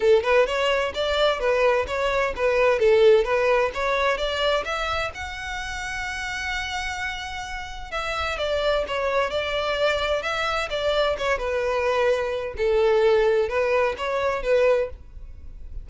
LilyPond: \new Staff \with { instrumentName = "violin" } { \time 4/4 \tempo 4 = 129 a'8 b'8 cis''4 d''4 b'4 | cis''4 b'4 a'4 b'4 | cis''4 d''4 e''4 fis''4~ | fis''1~ |
fis''4 e''4 d''4 cis''4 | d''2 e''4 d''4 | cis''8 b'2~ b'8 a'4~ | a'4 b'4 cis''4 b'4 | }